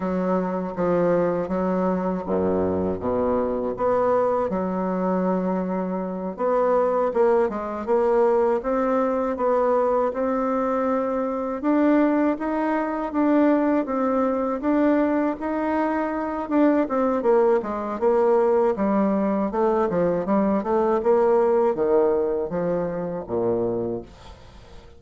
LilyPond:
\new Staff \with { instrumentName = "bassoon" } { \time 4/4 \tempo 4 = 80 fis4 f4 fis4 fis,4 | b,4 b4 fis2~ | fis8 b4 ais8 gis8 ais4 c'8~ | c'8 b4 c'2 d'8~ |
d'8 dis'4 d'4 c'4 d'8~ | d'8 dis'4. d'8 c'8 ais8 gis8 | ais4 g4 a8 f8 g8 a8 | ais4 dis4 f4 ais,4 | }